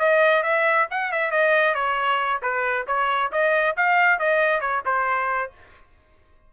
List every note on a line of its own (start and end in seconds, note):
0.00 0.44 D#5
0.44 0.88 E5
0.91 1.12 F#5
1.12 1.32 E5
1.32 1.75 D#5
1.75 2.41 C#5
2.43 2.87 B4
2.88 3.32 C#5
3.32 3.76 D#5
3.77 4.19 F5
4.19 4.61 D#5
4.61 4.83 C#5
4.86 5.52 C5